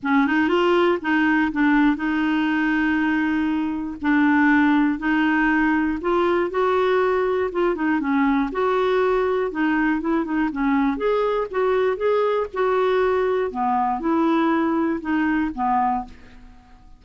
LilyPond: \new Staff \with { instrumentName = "clarinet" } { \time 4/4 \tempo 4 = 120 cis'8 dis'8 f'4 dis'4 d'4 | dis'1 | d'2 dis'2 | f'4 fis'2 f'8 dis'8 |
cis'4 fis'2 dis'4 | e'8 dis'8 cis'4 gis'4 fis'4 | gis'4 fis'2 b4 | e'2 dis'4 b4 | }